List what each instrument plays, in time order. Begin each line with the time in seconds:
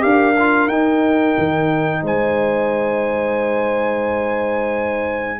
0.00 tuba D4, trombone G4, horn A#4, trumpet F5
0.39 trombone F4
0.68 tuba D#4, trombone D#4, trumpet G5
1.38 tuba D#3
2.02 tuba G#3, horn C5, trumpet G#5